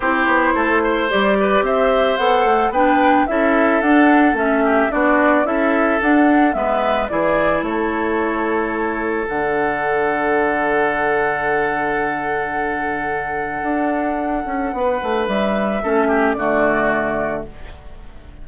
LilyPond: <<
  \new Staff \with { instrumentName = "flute" } { \time 4/4 \tempo 4 = 110 c''2 d''4 e''4 | fis''4 g''4 e''4 fis''4 | e''4 d''4 e''4 fis''4 | e''4 d''4 cis''2~ |
cis''4 fis''2.~ | fis''1~ | fis''1 | e''2 d''2 | }
  \new Staff \with { instrumentName = "oboe" } { \time 4/4 g'4 a'8 c''4 b'8 c''4~ | c''4 b'4 a'2~ | a'8 g'8 fis'4 a'2 | b'4 gis'4 a'2~ |
a'1~ | a'1~ | a'2. b'4~ | b'4 a'8 g'8 fis'2 | }
  \new Staff \with { instrumentName = "clarinet" } { \time 4/4 e'2 g'2 | a'4 d'4 e'4 d'4 | cis'4 d'4 e'4 d'4 | b4 e'2.~ |
e'4 d'2.~ | d'1~ | d'1~ | d'4 cis'4 a2 | }
  \new Staff \with { instrumentName = "bassoon" } { \time 4/4 c'8 b8 a4 g4 c'4 | b8 a8 b4 cis'4 d'4 | a4 b4 cis'4 d'4 | gis4 e4 a2~ |
a4 d2.~ | d1~ | d4 d'4. cis'8 b8 a8 | g4 a4 d2 | }
>>